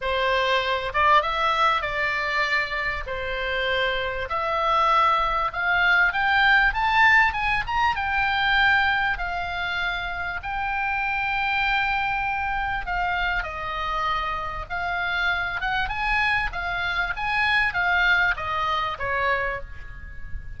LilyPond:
\new Staff \with { instrumentName = "oboe" } { \time 4/4 \tempo 4 = 98 c''4. d''8 e''4 d''4~ | d''4 c''2 e''4~ | e''4 f''4 g''4 a''4 | gis''8 ais''8 g''2 f''4~ |
f''4 g''2.~ | g''4 f''4 dis''2 | f''4. fis''8 gis''4 f''4 | gis''4 f''4 dis''4 cis''4 | }